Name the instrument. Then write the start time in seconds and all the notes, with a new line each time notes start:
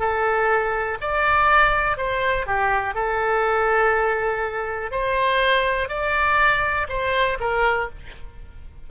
oboe
0.00 A4
1.01 D5
1.98 C5
2.47 G4
2.95 A4
4.91 C5
5.89 D5
6.89 C5
7.40 A#4